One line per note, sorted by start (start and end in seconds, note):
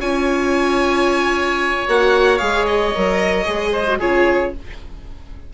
0.00 1.87 C#4
0.00 1.86 F4
0.00 3.72 C#5
0.00 1.87 G#5
1.88 2.41 A#3
1.88 2.40 F#4
1.88 2.39 F#5
2.39 2.95 G#3
2.39 2.93 G#4
2.39 2.65 F5
2.66 3.99 D#5
2.95 3.48 F#3
2.95 3.45 A#4
3.45 4.01 G#3
3.45 3.85 G#4
3.72 3.99 C5
3.88 4.00 F#4
3.99 4.54 C#3
3.99 4.53 F4
3.99 4.52 G#4
3.99 4.54 C#5